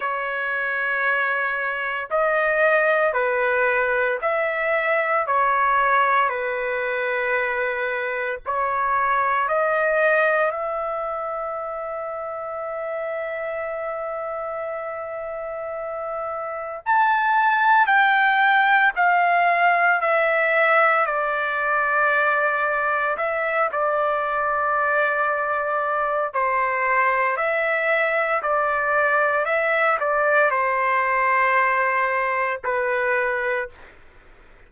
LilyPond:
\new Staff \with { instrumentName = "trumpet" } { \time 4/4 \tempo 4 = 57 cis''2 dis''4 b'4 | e''4 cis''4 b'2 | cis''4 dis''4 e''2~ | e''1 |
a''4 g''4 f''4 e''4 | d''2 e''8 d''4.~ | d''4 c''4 e''4 d''4 | e''8 d''8 c''2 b'4 | }